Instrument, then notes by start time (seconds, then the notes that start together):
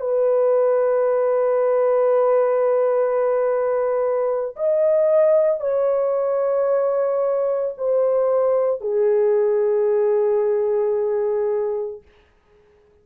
horn
0.00 B4
4.56 D#5
5.61 C#5
7.77 C5
8.81 G#4